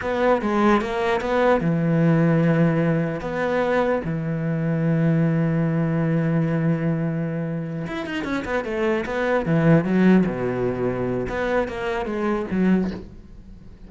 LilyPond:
\new Staff \with { instrumentName = "cello" } { \time 4/4 \tempo 4 = 149 b4 gis4 ais4 b4 | e1 | b2 e2~ | e1~ |
e2.~ e8 e'8 | dis'8 cis'8 b8 a4 b4 e8~ | e8 fis4 b,2~ b,8 | b4 ais4 gis4 fis4 | }